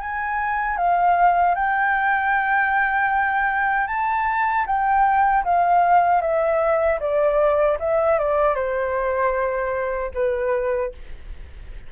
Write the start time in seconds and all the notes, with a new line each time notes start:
0.00 G#5
0.77 F5
1.55 G5
3.87 A5
4.66 G5
5.44 F5
6.21 E5
7.00 D5
7.80 E5
8.19 D5
8.55 C5
10.14 B4